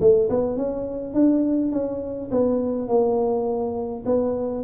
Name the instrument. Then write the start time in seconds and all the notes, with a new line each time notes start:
tuba
0.00 A3
0.29 B3
0.56 C#4
1.14 D4
1.72 C#4
2.31 B3
2.88 A#3
4.05 B3